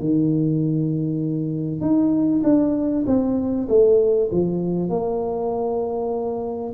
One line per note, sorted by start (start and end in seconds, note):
0.00 1.81 D#3
1.81 2.42 D#4
2.44 3.05 D4
3.07 3.68 C4
3.69 4.30 A3
4.32 4.90 F3
4.90 6.73 A#3